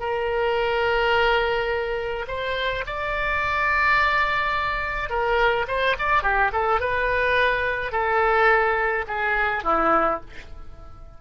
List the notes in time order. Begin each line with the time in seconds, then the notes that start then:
0.00 A#4
2.28 C5
2.87 D5
5.10 A#4
5.68 C5
5.99 D5
6.23 G4
6.53 A4
6.81 B4
7.92 A4
9.08 G#4
9.64 E4